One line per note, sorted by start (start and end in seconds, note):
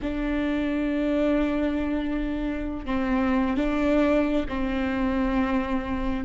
0.02 2.85 D4
2.85 3.56 C4
3.56 4.45 D4
4.48 6.24 C4